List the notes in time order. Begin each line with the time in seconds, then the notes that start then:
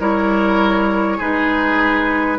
0.00 G3 E4 A#4 C#5
1.18 G#3 D#4 G#4 B4